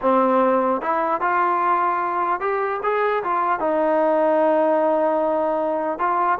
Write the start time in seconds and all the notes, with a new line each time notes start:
0.01 C4
0.81 E4
1.20 F4
2.40 G4
2.83 G#4
3.23 F4
3.59 D#4
5.98 F4